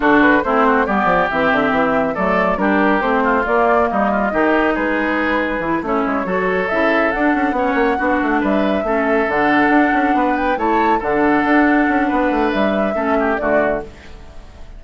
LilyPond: <<
  \new Staff \with { instrumentName = "flute" } { \time 4/4 \tempo 4 = 139 a'8 b'8 c''4 d''4 e''4~ | e''4 d''4 ais'4 c''4 | d''4 dis''2 b'4~ | b'4. cis''2 e''8~ |
e''8 fis''2. e''8~ | e''4. fis''2~ fis''8 | g''8 a''4 fis''2~ fis''8~ | fis''4 e''2 d''4 | }
  \new Staff \with { instrumentName = "oboe" } { \time 4/4 fis'4 e'8 fis'8 g'2~ | g'4 a'4 g'4. f'8~ | f'4 dis'8 f'8 g'4 gis'4~ | gis'4. e'4 a'4.~ |
a'4. cis''4 fis'4 b'8~ | b'8 a'2. b'8~ | b'8 cis''4 a'2~ a'8 | b'2 a'8 g'8 fis'4 | }
  \new Staff \with { instrumentName = "clarinet" } { \time 4/4 d'4 c'4 b4 c'4~ | c'4 a4 d'4 c'4 | ais2 dis'2~ | dis'4 e'8 cis'4 fis'4 e'8~ |
e'8 d'4 cis'4 d'4.~ | d'8 cis'4 d'2~ d'8~ | d'8 e'4 d'2~ d'8~ | d'2 cis'4 a4 | }
  \new Staff \with { instrumentName = "bassoon" } { \time 4/4 d4 a4 g8 f8 e8 d8 | e4 fis4 g4 a4 | ais4 g4 dis4 gis4~ | gis4 e8 a8 gis8 fis4 cis8~ |
cis8 d'8 cis'8 b8 ais8 b8 a8 g8~ | g8 a4 d4 d'8 cis'8 b8~ | b8 a4 d4 d'4 cis'8 | b8 a8 g4 a4 d4 | }
>>